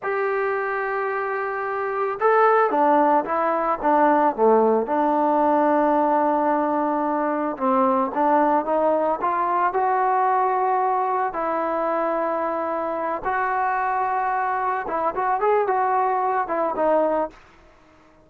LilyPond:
\new Staff \with { instrumentName = "trombone" } { \time 4/4 \tempo 4 = 111 g'1 | a'4 d'4 e'4 d'4 | a4 d'2.~ | d'2 c'4 d'4 |
dis'4 f'4 fis'2~ | fis'4 e'2.~ | e'8 fis'2. e'8 | fis'8 gis'8 fis'4. e'8 dis'4 | }